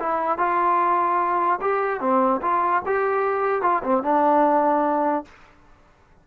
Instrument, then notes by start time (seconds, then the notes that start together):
trombone
0.00 E4
0.38 F4
1.61 G4
2.01 C4
2.42 F4
2.86 G4
3.63 F4
3.84 C4
4.03 D4